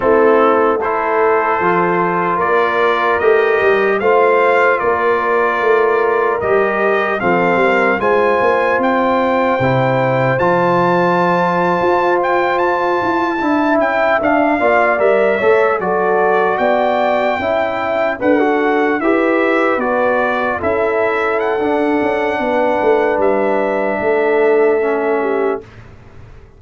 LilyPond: <<
  \new Staff \with { instrumentName = "trumpet" } { \time 4/4 \tempo 4 = 75 a'4 c''2 d''4 | dis''4 f''4 d''2 | dis''4 f''4 gis''4 g''4~ | g''4 a''2~ a''16 g''8 a''16~ |
a''4~ a''16 g''8 f''4 e''4 d''16~ | d''8. g''2 fis''4 e''16~ | e''8. d''4 e''4 fis''4~ fis''16~ | fis''4 e''2. | }
  \new Staff \with { instrumentName = "horn" } { \time 4/4 e'4 a'2 ais'4~ | ais'4 c''4 ais'2~ | ais'4 a'8 ais'8 c''2~ | c''1~ |
c''8. e''4. d''4 cis''8 a'16~ | a'8. d''4 e''4 a'4 b'16~ | b'4.~ b'16 a'2~ a'16 | b'2 a'4. g'8 | }
  \new Staff \with { instrumentName = "trombone" } { \time 4/4 c'4 e'4 f'2 | g'4 f'2. | g'4 c'4 f'2 | e'4 f'2.~ |
f'8. e'4 d'8 f'8 ais'8 a'8 fis'16~ | fis'4.~ fis'16 e'4 b'16 fis'8. g'16~ | g'8. fis'4 e'4~ e'16 d'4~ | d'2. cis'4 | }
  \new Staff \with { instrumentName = "tuba" } { \time 4/4 a2 f4 ais4 | a8 g8 a4 ais4 a4 | g4 f8 g8 gis8 ais8 c'4 | c4 f4.~ f16 f'4~ f'16~ |
f'16 e'8 d'8 cis'8 d'8 ais8 g8 a8 fis16~ | fis8. b4 cis'4 d'4 e'16~ | e'8. b4 cis'4~ cis'16 d'8 cis'8 | b8 a8 g4 a2 | }
>>